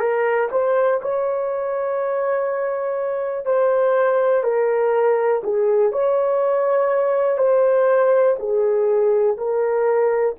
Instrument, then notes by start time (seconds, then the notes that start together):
horn
0.00 A#4
0.51 C5
1.02 C#5
3.46 C5
4.44 A#4
5.43 G#4
5.92 C#5
7.38 C5
8.39 G#4
9.38 A#4